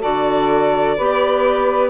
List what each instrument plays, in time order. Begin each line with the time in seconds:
0.00 bassoon D3, clarinet F#4, saxophone A4, violin D5
0.96 bassoon B3, clarinet G4, saxophone B4